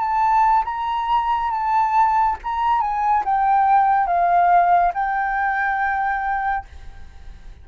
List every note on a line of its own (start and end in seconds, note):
0.00 0.64 A5
0.65 1.51 A#5
1.51 2.37 A5
2.44 2.81 A#5
2.81 3.24 G#5
3.25 4.07 G5
4.07 4.93 F5
4.94 6.66 G5